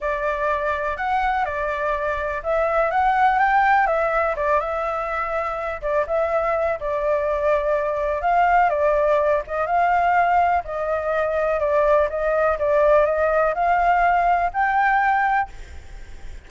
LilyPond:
\new Staff \with { instrumentName = "flute" } { \time 4/4 \tempo 4 = 124 d''2 fis''4 d''4~ | d''4 e''4 fis''4 g''4 | e''4 d''8 e''2~ e''8 | d''8 e''4. d''2~ |
d''4 f''4 d''4. dis''8 | f''2 dis''2 | d''4 dis''4 d''4 dis''4 | f''2 g''2 | }